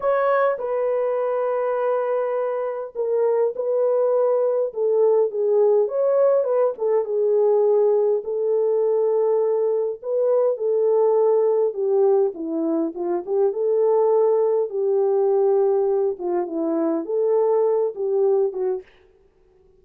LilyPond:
\new Staff \with { instrumentName = "horn" } { \time 4/4 \tempo 4 = 102 cis''4 b'2.~ | b'4 ais'4 b'2 | a'4 gis'4 cis''4 b'8 a'8 | gis'2 a'2~ |
a'4 b'4 a'2 | g'4 e'4 f'8 g'8 a'4~ | a'4 g'2~ g'8 f'8 | e'4 a'4. g'4 fis'8 | }